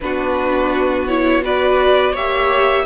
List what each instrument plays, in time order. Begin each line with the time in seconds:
0.00 cello B3, viola D4, violin F#4 B4
1.07 viola E4, violin C#5
1.42 viola F#4, violin B4 D5
2.12 cello A#3, viola G4, violin C#5 E5